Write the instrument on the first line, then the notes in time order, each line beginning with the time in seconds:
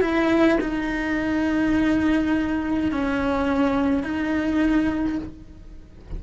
cello
0.00 E4
0.60 D#4
2.91 C#4
4.03 D#4